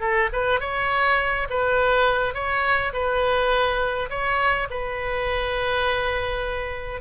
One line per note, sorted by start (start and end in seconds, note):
0.00 0.29 A4
0.32 0.60 B4
0.60 1.47 C#5
1.50 2.34 B4
2.34 2.92 C#5
2.93 4.09 B4
4.09 4.68 C#5
4.70 7.01 B4